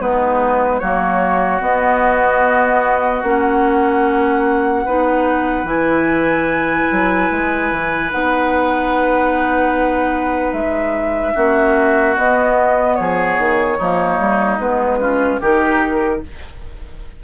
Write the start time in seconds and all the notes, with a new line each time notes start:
0.00 G#3 B3 D#4 B4
0.80 F#3 A#3 F#4 C#5
1.61 B3 D#5
3.23 A#3 C#4 F#5
4.85 B3 D#4 B4
5.64 E3 E4 G#5
6.92 F#3
7.31 G#3
7.72 E3
8.11 B3 D#4 F#5
10.53 G#3 E5
11.34 A#3 C#4 F#4
12.17 B3 D#5
12.96 F3 G#4 C#5
13.39 D#3
13.78 F3 A#3 D#4
14.19 G3
14.59 G#3 B3 B4
15.00 C#4 F4
15.40 D#3 D#4 G4 A#4